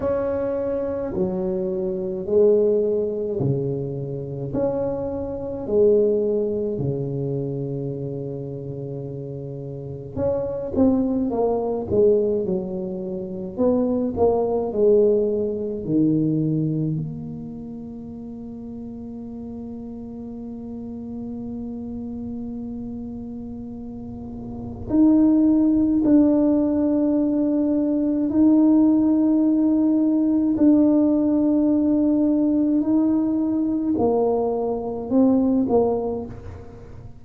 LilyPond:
\new Staff \with { instrumentName = "tuba" } { \time 4/4 \tempo 4 = 53 cis'4 fis4 gis4 cis4 | cis'4 gis4 cis2~ | cis4 cis'8 c'8 ais8 gis8 fis4 | b8 ais8 gis4 dis4 ais4~ |
ais1~ | ais2 dis'4 d'4~ | d'4 dis'2 d'4~ | d'4 dis'4 ais4 c'8 ais8 | }